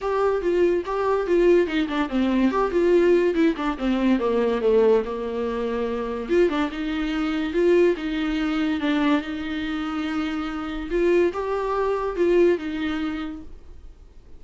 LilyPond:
\new Staff \with { instrumentName = "viola" } { \time 4/4 \tempo 4 = 143 g'4 f'4 g'4 f'4 | dis'8 d'8 c'4 g'8 f'4. | e'8 d'8 c'4 ais4 a4 | ais2. f'8 d'8 |
dis'2 f'4 dis'4~ | dis'4 d'4 dis'2~ | dis'2 f'4 g'4~ | g'4 f'4 dis'2 | }